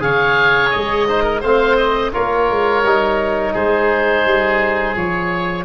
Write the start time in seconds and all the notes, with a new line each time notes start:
0.00 C#3 G#4 C#5 F5
0.71 G#3 D#5
1.08 D#4 C5
1.24 A#4
1.41 A3 C4 C5 F5
1.77 D#5
2.13 A#3 F4 A#4 C#5
2.51 G#3
2.84 G3 D#4
3.54 G#3 G#4 C5
4.25 G3
4.96 F3 F4 C#5